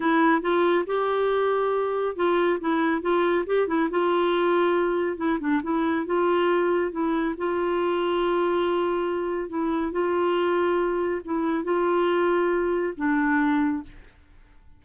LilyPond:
\new Staff \with { instrumentName = "clarinet" } { \time 4/4 \tempo 4 = 139 e'4 f'4 g'2~ | g'4 f'4 e'4 f'4 | g'8 e'8 f'2. | e'8 d'8 e'4 f'2 |
e'4 f'2.~ | f'2 e'4 f'4~ | f'2 e'4 f'4~ | f'2 d'2 | }